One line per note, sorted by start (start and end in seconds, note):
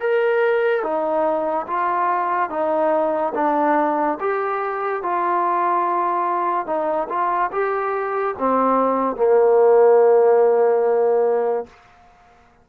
0.00 0.83 A#4
0.83 1.66 D#4
1.67 2.49 F4
2.49 3.33 D#4
3.34 4.18 D4
4.20 5.03 G4
5.03 6.66 F4
6.66 7.08 D#4
7.09 7.50 F4
7.52 8.35 G4
8.38 9.16 C4
9.16 11.66 A#3